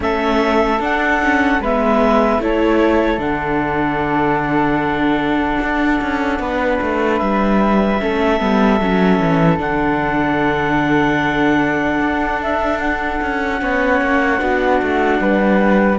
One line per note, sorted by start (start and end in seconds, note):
0.00 0.79 A3
0.00 0.79 C#4
0.00 1.61 A4
0.00 0.81 E5
0.79 1.59 D4
0.79 1.20 D4
0.79 1.62 F#5
1.23 1.62 C#4
1.59 2.39 G#3
1.59 2.41 B3
1.59 2.41 B4
1.59 2.42 E5
2.39 3.18 A3
2.39 3.18 E4
2.39 6.41 A4
2.39 3.20 C#5
3.18 5.58 D3
3.18 7.98 D4
3.18 7.17 F#5
5.60 6.00 D4
6.01 6.39 C#4
6.39 6.79 B3
6.39 8.01 B4
6.81 7.20 A3
7.17 8.00 G3
7.17 9.57 E5
7.99 8.40 A3
7.99 8.39 C#4
7.99 13.61 A4
8.39 8.80 G3
8.39 8.79 B3
8.80 9.19 F#3
8.80 9.57 C#4
9.19 9.59 E3
9.57 11.99 D3
9.57 13.57 D4
9.57 12.40 F#5
11.99 13.19 D4
12.41 12.79 E5
12.79 15.98 F#5
13.21 13.61 C#4
13.58 14.01 B3
13.58 14.38 C#4
13.58 14.39 C#5
14.01 14.41 A#3
14.38 14.81 B3
14.38 15.98 D4
14.38 15.19 F#4
14.82 15.19 A3
15.19 15.98 G3
15.19 15.98 B4